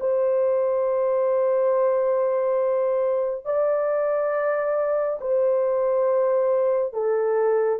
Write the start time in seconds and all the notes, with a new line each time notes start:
0.00 C5
3.45 D5
5.21 C5
6.93 A4